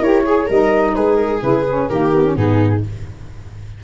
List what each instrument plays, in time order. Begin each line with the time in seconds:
0.00 tuba E4, saxophone G4, viola A#4, flute C#5
0.26 saxophone G#4, viola G#4
0.46 tuba G3, saxophone D#4, viola A#4, flute D#5
0.95 tuba G#3, viola G#4, flute B4
1.16 flute A#4
1.41 tuba C#3, saxophone E4, flute B4
1.68 saxophone C#4
1.89 tuba D#3, saxophone A#3, viola G4, flute A#4
2.14 saxophone B3
2.26 saxophone C#4
2.36 tuba G#2, saxophone B3, viola D#4, flute G#4